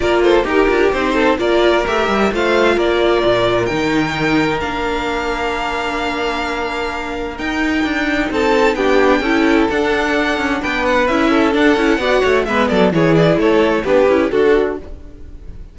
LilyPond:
<<
  \new Staff \with { instrumentName = "violin" } { \time 4/4 \tempo 4 = 130 d''8 c''8 ais'4 c''4 d''4 | e''4 f''4 d''2 | g''2 f''2~ | f''1 |
g''2 a''4 g''4~ | g''4 fis''2 g''8 fis''8 | e''4 fis''2 e''8 d''8 | cis''8 d''8 cis''4 b'4 a'4 | }
  \new Staff \with { instrumentName = "violin" } { \time 4/4 ais'8 a'8 g'4. a'8 ais'4~ | ais'4 c''4 ais'2~ | ais'1~ | ais'1~ |
ais'2 a'4 g'4 | a'2. b'4~ | b'8 a'4. d''8 cis''8 b'8 a'8 | gis'4 a'4 g'4 fis'4 | }
  \new Staff \with { instrumentName = "viola" } { \time 4/4 f'4 g'8 f'8 dis'4 f'4 | g'4 f'2. | dis'2 d'2~ | d'1 |
dis'2. d'4 | e'4 d'2. | e'4 d'8 e'8 fis'4 b4 | e'2 d'8 e'8 fis'4 | }
  \new Staff \with { instrumentName = "cello" } { \time 4/4 ais4 dis'8 d'8 c'4 ais4 | a8 g8 a4 ais4 ais,4 | dis2 ais2~ | ais1 |
dis'4 d'4 c'4 b4 | cis'4 d'4. cis'8 b4 | cis'4 d'8 cis'8 b8 a8 gis8 fis8 | e4 a4 b8 cis'8 d'4 | }
>>